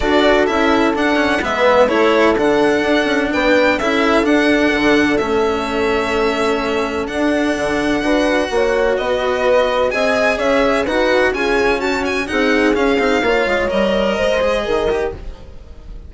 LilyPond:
<<
  \new Staff \with { instrumentName = "violin" } { \time 4/4 \tempo 4 = 127 d''4 e''4 fis''4 e''4 | cis''4 fis''2 g''4 | e''4 fis''2 e''4~ | e''2. fis''4~ |
fis''2. dis''4~ | dis''4 gis''4 e''4 fis''4 | gis''4 a''8 gis''8 fis''4 f''4~ | f''4 dis''2. | }
  \new Staff \with { instrumentName = "horn" } { \time 4/4 a'2. b'4 | a'2. b'4 | a'1~ | a'1~ |
a'4 b'4 cis''4 b'4~ | b'4 dis''4 cis''4 b'4 | gis'4 fis'4 gis'2 | cis''2 c''4 ais'4 | }
  \new Staff \with { instrumentName = "cello" } { \time 4/4 fis'4 e'4 d'8 cis'8 b4 | e'4 d'2. | e'4 d'2 cis'4~ | cis'2. d'4~ |
d'4 fis'2.~ | fis'4 gis'2 fis'4 | cis'2 dis'4 cis'8 dis'8 | f'4 ais'4. gis'4 g'8 | }
  \new Staff \with { instrumentName = "bassoon" } { \time 4/4 d'4 cis'4 d'4 gis4 | a4 d4 d'8 cis'8 b4 | cis'4 d'4 d4 a4~ | a2. d'4 |
d4 d'4 ais4 b4~ | b4 c'4 cis'4 dis'4 | f'4 fis'4 c'4 cis'8 c'8 | ais8 gis8 g4 gis4 dis4 | }
>>